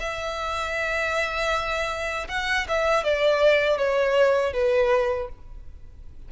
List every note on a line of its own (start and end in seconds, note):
0.00 2.28 E5
2.29 2.67 F#5
2.68 3.04 E5
3.04 3.78 D5
3.78 4.53 C#5
4.53 5.29 B4